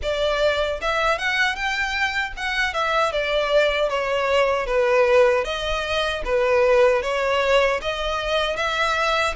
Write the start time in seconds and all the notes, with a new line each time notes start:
0.02 D5
0.81 E5
1.18 F#5
1.55 G5
2.36 F#5
2.73 E5
3.12 D5
3.89 C#5
4.66 B4
5.44 D#5
6.24 B4
7.02 C#5
7.81 D#5
8.56 E5